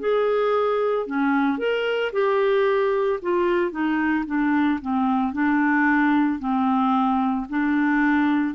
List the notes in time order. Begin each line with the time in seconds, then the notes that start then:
0.00 G#4
1.07 C#4
1.58 A#4
2.13 G4
3.22 F4
3.72 D#4
4.26 D4
4.82 C4
5.33 D4
6.39 C4
7.50 D4